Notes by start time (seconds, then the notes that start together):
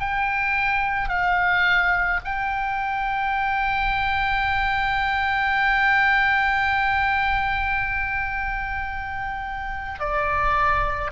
0.00 G5
1.09 F5
2.24 G5
10.00 D5